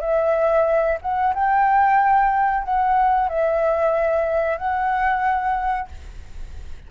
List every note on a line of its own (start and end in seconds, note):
0.00 0.98 E5
1.01 1.34 F#5
1.34 2.63 G5
2.63 3.28 F#5
3.28 4.57 E5
4.57 5.88 F#5